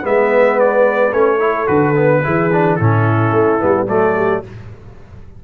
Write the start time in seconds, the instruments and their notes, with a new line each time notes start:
0.00 tuba G#3, trombone B3, horn B4
0.06 trumpet E5
0.60 trumpet D5
1.13 tuba A3, trombone C#4, trumpet C#5
1.38 trombone E4, horn A4
1.67 tuba D3, trombone F#4, trumpet B4
1.96 trombone B3
2.24 tuba E3, trombone E4, horn G#4
2.53 trombone D4
2.76 tuba A2, trombone C#4, horn E4, trumpet A4
3.33 tuba A3
3.60 tuba G3, trombone B3
3.89 tuba F#3, trombone A3, horn A4, trumpet D5
4.16 horn G4